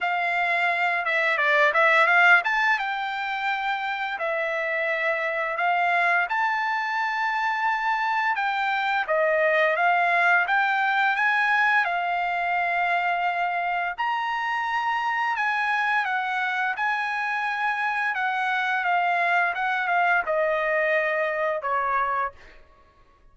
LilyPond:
\new Staff \with { instrumentName = "trumpet" } { \time 4/4 \tempo 4 = 86 f''4. e''8 d''8 e''8 f''8 a''8 | g''2 e''2 | f''4 a''2. | g''4 dis''4 f''4 g''4 |
gis''4 f''2. | ais''2 gis''4 fis''4 | gis''2 fis''4 f''4 | fis''8 f''8 dis''2 cis''4 | }